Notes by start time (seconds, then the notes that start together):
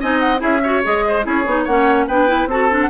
0.00 C4 D#4 D#5 G#5
0.19 F#5
0.38 C#4 E4 G#4 E5
0.63 F#4 C#5
0.83 G#3 G#4 D#5
1.07 C5
1.23 C#4 E4 G#4 C#5
1.46 B3 D#4
1.64 A#3 C#4 C#5 F#5
2.07 B3 D4 B4 G5
2.27 E4
2.46 C4 F#4 A4 A5
2.70 D4
2.81 F#5